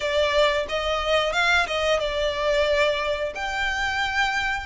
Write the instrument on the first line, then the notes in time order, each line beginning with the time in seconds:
violin
0.00 D5
0.68 D#5
1.32 F5
1.66 D#5
1.99 D5
3.35 G5